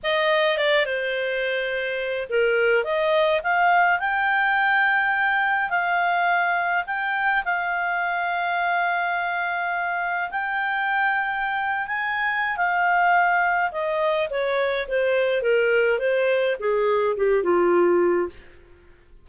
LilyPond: \new Staff \with { instrumentName = "clarinet" } { \time 4/4 \tempo 4 = 105 dis''4 d''8 c''2~ c''8 | ais'4 dis''4 f''4 g''4~ | g''2 f''2 | g''4 f''2.~ |
f''2 g''2~ | g''8. gis''4~ gis''16 f''2 | dis''4 cis''4 c''4 ais'4 | c''4 gis'4 g'8 f'4. | }